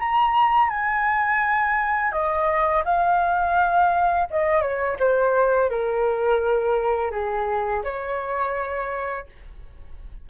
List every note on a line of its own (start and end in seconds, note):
0.00 0.70 A#5
0.70 2.12 G#5
2.12 2.84 D#5
2.85 4.28 F5
4.31 4.62 D#5
4.62 4.97 C#5
5.00 5.70 C5
5.70 7.12 A#4
7.12 7.83 G#4
7.84 9.27 C#5